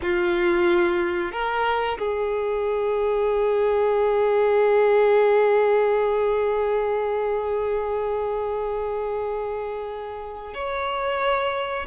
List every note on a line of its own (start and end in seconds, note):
0.01 1.32 F4
1.32 1.98 A#4
1.98 10.54 G#4
10.54 11.86 C#5